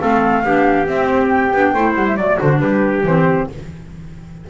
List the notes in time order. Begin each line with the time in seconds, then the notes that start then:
0.00 A3 C4 A4 F5
0.43 B3 D4 G4
0.86 C4 E5
1.05 C5
1.28 G5
1.52 B3 D4
1.73 A3 E4 C5
1.95 G3 F#5
2.06 E5
2.16 F#3 A3 D5
2.37 D3 D4 F#4 C5
2.58 G3 G4 B4
3.03 E3 C4 C5